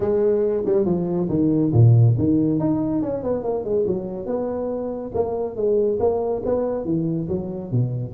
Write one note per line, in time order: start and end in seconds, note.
0.00 0.63 G#3
0.65 0.85 G3
0.85 1.28 F3
1.29 1.72 D#3
1.73 2.15 A#2
2.17 2.59 D#3
2.59 3.02 D#4
3.02 3.23 C#4
3.23 3.43 B3
3.43 3.64 A#3
3.64 3.85 G#3
3.86 4.25 F#3
4.25 5.11 B3
5.14 5.56 A#3
5.56 5.98 G#3
5.99 6.42 A#3
6.45 6.85 B3
6.85 7.27 E3
7.28 7.71 F#3
7.71 8.14 B2